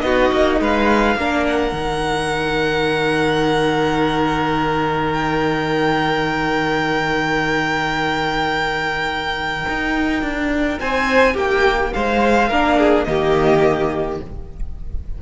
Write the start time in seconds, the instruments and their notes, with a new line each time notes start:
0.00 cello B3, viola D#4, violin F#4 D#5
0.32 cello A#3
0.60 cello G#3, violin B4 F5
1.15 cello A#3, viola D4, violin A#4
1.46 violin F#5
1.72 cello D#3, viola D#4
5.12 violin G5
9.69 cello D#4
10.22 cello D4
10.79 cello C4, violin C5 G#5
11.33 cello A#3, violin G4 G5
11.93 cello G#3, violin C5 F5
12.48 cello A#3, viola D4, violin A#4
12.77 violin G#4
13.04 cello D#3, viola A#3, violin G4 D#5